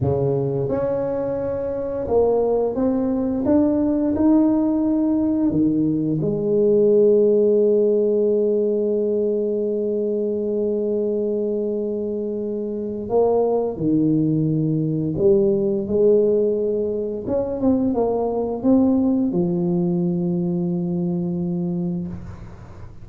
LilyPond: \new Staff \with { instrumentName = "tuba" } { \time 4/4 \tempo 4 = 87 cis4 cis'2 ais4 | c'4 d'4 dis'2 | dis4 gis2.~ | gis1~ |
gis2. ais4 | dis2 g4 gis4~ | gis4 cis'8 c'8 ais4 c'4 | f1 | }